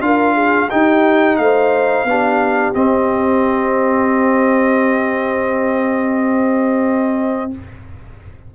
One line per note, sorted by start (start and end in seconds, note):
0.00 0.68 D4
0.00 0.69 F4
0.00 0.34 A#4
0.00 0.69 F5
0.34 0.68 G#4
0.70 2.07 D#4
0.70 1.38 D#4
0.70 1.38 G4
0.70 1.36 G5
1.36 2.04 A3
1.36 2.09 C5
1.36 2.72 F5
2.04 2.72 B3
2.04 2.74 D4
2.04 7.55 G4
2.74 7.51 C4
2.74 7.52 C4
2.74 7.51 D#5